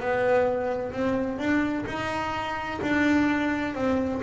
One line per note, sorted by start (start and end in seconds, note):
0.00 0.92 B3
0.92 1.38 C4
1.38 1.85 D4
1.86 2.80 D#4
2.82 3.75 D4
3.75 4.21 C4